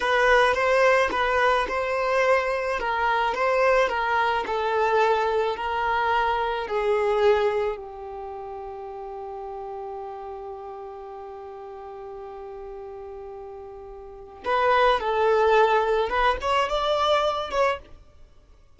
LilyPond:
\new Staff \with { instrumentName = "violin" } { \time 4/4 \tempo 4 = 108 b'4 c''4 b'4 c''4~ | c''4 ais'4 c''4 ais'4 | a'2 ais'2 | gis'2 g'2~ |
g'1~ | g'1~ | g'2 b'4 a'4~ | a'4 b'8 cis''8 d''4. cis''8 | }